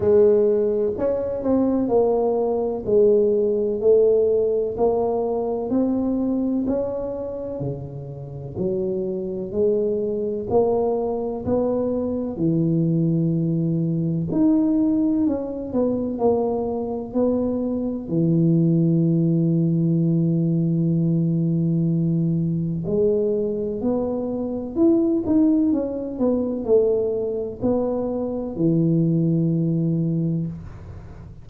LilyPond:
\new Staff \with { instrumentName = "tuba" } { \time 4/4 \tempo 4 = 63 gis4 cis'8 c'8 ais4 gis4 | a4 ais4 c'4 cis'4 | cis4 fis4 gis4 ais4 | b4 e2 dis'4 |
cis'8 b8 ais4 b4 e4~ | e1 | gis4 b4 e'8 dis'8 cis'8 b8 | a4 b4 e2 | }